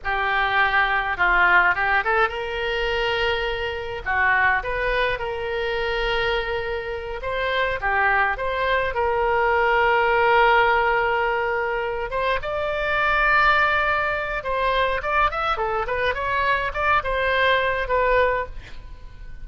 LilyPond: \new Staff \with { instrumentName = "oboe" } { \time 4/4 \tempo 4 = 104 g'2 f'4 g'8 a'8 | ais'2. fis'4 | b'4 ais'2.~ | ais'8 c''4 g'4 c''4 ais'8~ |
ais'1~ | ais'4 c''8 d''2~ d''8~ | d''4 c''4 d''8 e''8 a'8 b'8 | cis''4 d''8 c''4. b'4 | }